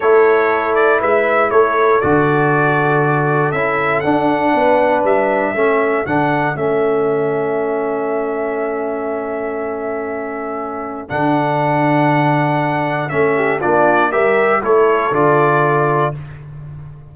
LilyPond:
<<
  \new Staff \with { instrumentName = "trumpet" } { \time 4/4 \tempo 4 = 119 cis''4. d''8 e''4 cis''4 | d''2. e''4 | fis''2 e''2 | fis''4 e''2.~ |
e''1~ | e''2 fis''2~ | fis''2 e''4 d''4 | e''4 cis''4 d''2 | }
  \new Staff \with { instrumentName = "horn" } { \time 4/4 a'2 b'4 a'4~ | a'1~ | a'4 b'2 a'4~ | a'1~ |
a'1~ | a'1~ | a'2~ a'8 g'8 f'4 | ais'4 a'2. | }
  \new Staff \with { instrumentName = "trombone" } { \time 4/4 e'1 | fis'2. e'4 | d'2. cis'4 | d'4 cis'2.~ |
cis'1~ | cis'2 d'2~ | d'2 cis'4 d'4 | g'4 e'4 f'2 | }
  \new Staff \with { instrumentName = "tuba" } { \time 4/4 a2 gis4 a4 | d2. cis'4 | d'4 b4 g4 a4 | d4 a2.~ |
a1~ | a2 d2~ | d2 a4 ais4 | g4 a4 d2 | }
>>